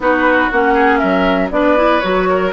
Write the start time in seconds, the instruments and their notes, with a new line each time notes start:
0.00 bassoon B3, clarinet D#4, oboe F#4, flute B4
0.52 bassoon A#3, clarinet C#4, flute F#5
0.74 oboe G#4
0.98 bassoon F#3, oboe A#4, flute E5
1.51 bassoon B3, clarinet D4, oboe B4, flute D5
1.76 clarinet E4
2.00 bassoon F#3, clarinet F#4, flute C#5
2.29 oboe A#4